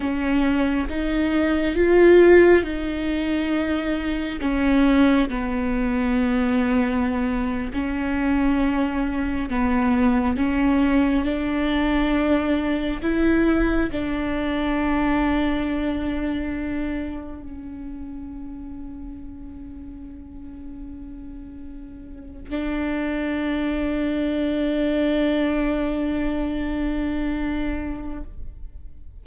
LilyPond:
\new Staff \with { instrumentName = "viola" } { \time 4/4 \tempo 4 = 68 cis'4 dis'4 f'4 dis'4~ | dis'4 cis'4 b2~ | b8. cis'2 b4 cis'16~ | cis'8. d'2 e'4 d'16~ |
d'2.~ d'8. cis'16~ | cis'1~ | cis'4. d'2~ d'8~ | d'1 | }